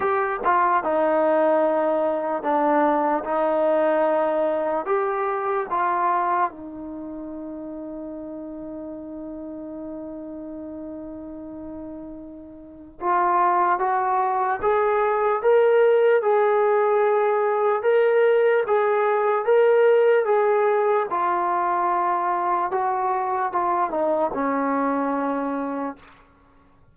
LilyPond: \new Staff \with { instrumentName = "trombone" } { \time 4/4 \tempo 4 = 74 g'8 f'8 dis'2 d'4 | dis'2 g'4 f'4 | dis'1~ | dis'1 |
f'4 fis'4 gis'4 ais'4 | gis'2 ais'4 gis'4 | ais'4 gis'4 f'2 | fis'4 f'8 dis'8 cis'2 | }